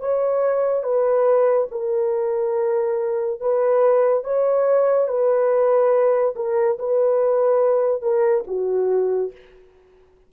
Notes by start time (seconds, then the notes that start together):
0.00 C#5
0.83 B4
1.71 A#4
3.40 B4
4.24 C#5
5.08 B4
6.36 A#4
6.79 B4
8.02 A#4
8.47 F#4